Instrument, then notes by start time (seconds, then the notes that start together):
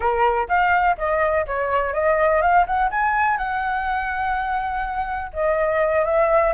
flute
0.00 A#4
0.48 F5
0.97 D#5
1.46 C#5
1.93 D#5
2.41 F5
2.66 F#5
2.90 G#5
3.37 F#5
5.33 D#5
6.05 E5